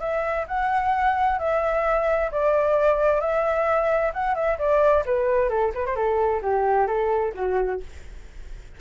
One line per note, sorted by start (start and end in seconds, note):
0.00 0.46 E5
0.48 1.39 F#5
1.39 2.30 E5
2.32 3.21 D5
3.21 4.12 E5
4.14 4.35 F#5
4.35 4.58 E5
4.58 5.04 D5
5.06 5.49 B4
5.49 5.72 A4
5.75 5.86 B4
5.86 5.95 C5
5.95 6.41 A4
6.42 6.87 G4
6.87 7.33 A4
7.34 7.80 F#4